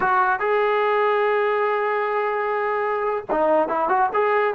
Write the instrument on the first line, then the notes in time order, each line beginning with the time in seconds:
trombone
0.00 F#4
0.39 G#4
3.30 D#4
3.68 E4
3.88 F#4
4.13 G#4